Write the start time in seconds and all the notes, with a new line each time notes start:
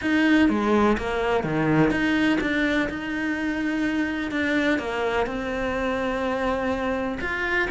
0.01 D#4
0.49 G#3
0.98 A#3
1.43 D#3
1.90 D#4
2.40 D4
2.89 D#4
4.31 D4
4.78 A#3
5.26 C4
7.20 F4